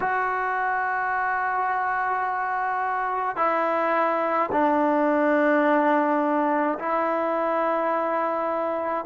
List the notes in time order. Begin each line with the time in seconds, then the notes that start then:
0.00 F#4
3.36 E4
4.52 D4
6.79 E4